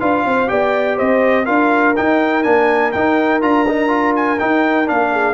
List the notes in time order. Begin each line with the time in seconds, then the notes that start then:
0.00 D4 F4 B4 F5
0.25 C4 C5
0.48 B3 G4 D5 G5
0.97 C4 C5 D#5
1.46 D4 F4 A#4 F5
1.96 D#4 G5
2.43 A#3 D4 G#5
2.92 D#4 G5
3.42 D4 F4 A#5
3.68 D#4
3.88 F4
4.16 G#5
4.39 D#4 G5
4.86 A#3 D4 F5
5.12 G#4